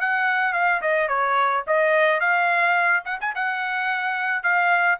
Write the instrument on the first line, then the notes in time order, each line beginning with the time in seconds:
trumpet
0.00 F#5
0.53 F5
0.81 D#5
1.08 C#5
1.67 D#5
2.20 F5
3.05 F#5
3.20 G#5
3.35 F#5
4.43 F5